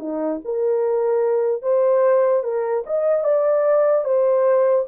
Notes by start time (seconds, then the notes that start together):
0.00 D#4
0.45 A#4
1.63 C5
2.44 A#4
2.87 D#5
3.24 D5
4.05 C5